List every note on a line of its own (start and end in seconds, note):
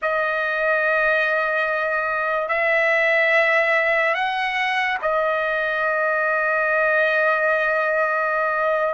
0.02 2.48 D#5
2.48 4.14 E5
4.14 4.97 F#5
5.02 8.94 D#5